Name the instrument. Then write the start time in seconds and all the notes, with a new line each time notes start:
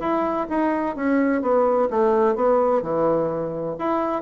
bassoon
0.00 E4
0.49 D#4
0.96 C#4
1.42 B3
1.90 A3
2.36 B3
2.82 E3
3.79 E4